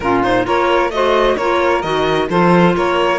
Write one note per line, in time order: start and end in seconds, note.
0.00 0.45 A#2
0.00 0.23 C#4
0.00 0.45 F4
0.00 0.21 A#4
0.23 0.44 D#4
0.23 0.46 C5
0.44 0.90 A#3
0.44 0.90 F4
0.44 0.91 A#4
0.44 0.91 C#5
0.90 1.35 A3
0.90 1.38 F#4
0.90 1.36 C5
0.90 1.36 D#5
1.36 1.83 A#3
1.36 1.83 F4
1.36 2.28 A#4
1.36 1.82 C#5
1.82 2.28 D#3
1.82 2.28 F#4
1.82 2.27 D#5
2.29 2.75 F3
2.29 3.19 F4
2.29 2.75 A4
2.29 2.75 C5
2.75 3.19 A#3
2.75 3.19 A#4
2.75 3.19 C#5